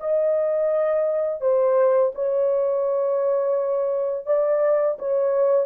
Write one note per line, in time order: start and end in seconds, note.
0.00 1.41 D#5
1.41 2.12 C5
2.15 4.26 C#5
4.26 4.97 D5
4.99 5.66 C#5